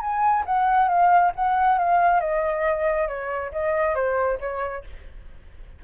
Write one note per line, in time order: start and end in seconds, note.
0.00 0.44 G#5
0.46 0.88 F#5
0.88 1.32 F5
1.35 1.78 F#5
1.78 2.20 F5
2.20 3.08 D#5
3.08 3.51 C#5
3.52 3.95 D#5
3.95 4.39 C5
4.40 4.84 C#5